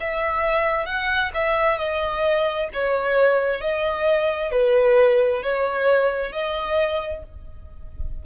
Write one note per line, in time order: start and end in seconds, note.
0.00 0.86 E5
0.86 1.31 F#5
1.34 1.78 E5
1.78 2.69 D#5
2.73 3.61 C#5
3.61 4.52 D#5
4.52 5.43 B4
5.43 6.32 C#5
6.32 7.23 D#5